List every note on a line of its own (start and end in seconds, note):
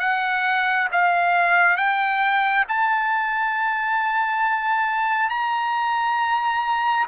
0.00 0.88 F#5
0.92 1.77 F5
1.77 2.65 G5
2.69 5.30 A5
5.30 7.07 A#5